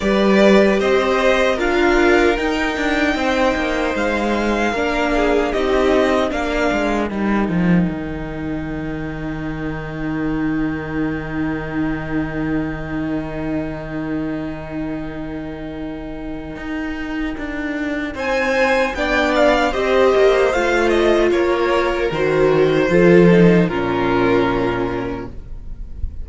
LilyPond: <<
  \new Staff \with { instrumentName = "violin" } { \time 4/4 \tempo 4 = 76 d''4 dis''4 f''4 g''4~ | g''4 f''2 dis''4 | f''4 g''2.~ | g''1~ |
g''1~ | g''2. gis''4 | g''8 f''8 dis''4 f''8 dis''8 cis''4 | c''2 ais'2 | }
  \new Staff \with { instrumentName = "violin" } { \time 4/4 b'4 c''4 ais'2 | c''2 ais'8 gis'8 g'4 | ais'1~ | ais'1~ |
ais'1~ | ais'2. c''4 | d''4 c''2 ais'4~ | ais'4 a'4 f'2 | }
  \new Staff \with { instrumentName = "viola" } { \time 4/4 g'2 f'4 dis'4~ | dis'2 d'4 dis'4 | d'4 dis'2.~ | dis'1~ |
dis'1~ | dis'1 | d'4 g'4 f'2 | fis'4 f'8 dis'8 cis'2 | }
  \new Staff \with { instrumentName = "cello" } { \time 4/4 g4 c'4 d'4 dis'8 d'8 | c'8 ais8 gis4 ais4 c'4 | ais8 gis8 g8 f8 dis2~ | dis1~ |
dis1~ | dis4 dis'4 d'4 c'4 | b4 c'8 ais8 a4 ais4 | dis4 f4 ais,2 | }
>>